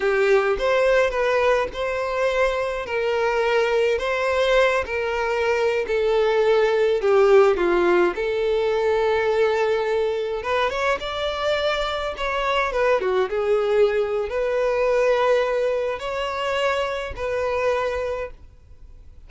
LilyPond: \new Staff \with { instrumentName = "violin" } { \time 4/4 \tempo 4 = 105 g'4 c''4 b'4 c''4~ | c''4 ais'2 c''4~ | c''8 ais'4.~ ais'16 a'4.~ a'16~ | a'16 g'4 f'4 a'4.~ a'16~ |
a'2~ a'16 b'8 cis''8 d''8.~ | d''4~ d''16 cis''4 b'8 fis'8 gis'8.~ | gis'4 b'2. | cis''2 b'2 | }